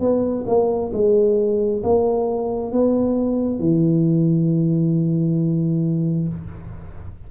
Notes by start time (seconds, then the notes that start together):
0.00 B3
0.47 A#3
0.93 G#3
1.84 A#3
2.72 B3
3.60 E3